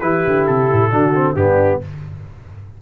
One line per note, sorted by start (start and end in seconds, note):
0.00 0.24 E3
0.00 0.91 E4
0.00 0.91 G4
0.00 0.45 B4
0.26 0.48 D3
0.47 0.70 C3
0.47 1.35 A4
0.72 0.92 A2
0.91 1.35 D3
0.91 1.13 D4
0.91 1.36 F#4
1.14 1.36 C4
1.35 1.80 G2
1.35 1.81 B3
1.35 1.81 D4
1.35 1.80 G4